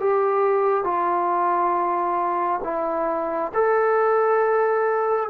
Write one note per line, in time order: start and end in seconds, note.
0.00 0.84 G4
0.84 2.60 F4
2.64 3.52 E4
3.54 5.30 A4